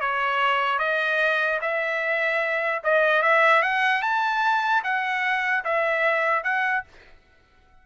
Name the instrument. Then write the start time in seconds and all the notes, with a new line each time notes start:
trumpet
0.00 C#5
0.79 D#5
1.61 E5
2.83 D#5
3.22 E5
3.62 F#5
4.02 A5
4.83 F#5
5.64 E5
6.43 F#5